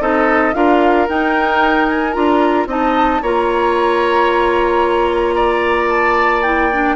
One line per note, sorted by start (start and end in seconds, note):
0.00 0.54 C4
0.00 0.54 D#4
0.00 0.55 A4
0.00 0.54 D#5
0.54 1.07 D4
0.54 1.07 F4
0.54 2.68 A#4
0.54 1.07 F5
1.09 2.13 D#4
1.09 2.16 D#4
1.09 1.88 G5
1.88 2.13 G#5
2.13 2.66 D4
2.13 2.66 F4
2.13 2.66 A#5
2.66 3.20 C4
2.66 3.22 D#4
2.66 3.22 D#5
2.66 3.23 A5
3.22 6.96 A#3
3.22 6.44 F4
3.22 5.35 C#5
3.22 5.89 A#5
5.35 6.96 D5
5.89 6.42 A5
6.42 6.71 E4
6.42 6.96 G5
6.73 6.96 D4